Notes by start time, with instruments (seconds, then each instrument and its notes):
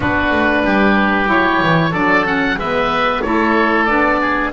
0.00 double bass B3, saxophone D4, oboe F#4 B4
0.31 double bass A3
0.64 double bass G3, oboe G4
1.26 double bass F#3, saxophone E4, oboe C#5
1.62 double bass E3
1.90 double bass F#3, saxophone D4, oboe A4 D5
2.25 saxophone C#4, oboe F#5
2.55 double bass G#3, saxophone B3, oboe B4 E5
3.21 double bass A3, saxophone E4, oboe A4 C#5
3.85 double bass B3, saxophone D4, oboe D5
4.20 oboe G#4